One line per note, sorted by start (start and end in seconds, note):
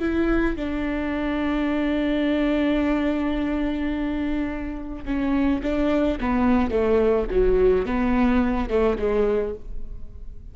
0.00 0.56 E4
0.56 5.05 D4
5.05 5.61 C#4
5.63 6.19 D4
6.20 6.71 B3
6.71 7.27 A3
7.30 7.86 F#3
7.86 8.69 B3
8.69 8.97 A3
8.99 9.55 G#3